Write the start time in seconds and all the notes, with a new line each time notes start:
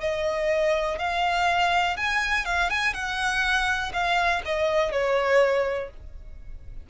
0.00 D#5
0.99 F5
1.96 G#5
2.45 F5
2.70 G#5
2.93 F#5
3.93 F5
4.45 D#5
4.91 C#5